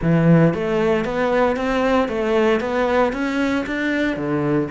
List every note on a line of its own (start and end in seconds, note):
0.02 0.54 E3
0.54 1.04 A3
1.04 1.56 B3
1.56 2.08 C4
2.08 2.60 A3
2.60 3.12 B3
3.13 3.65 C#4
3.66 4.16 D4
4.16 4.68 D3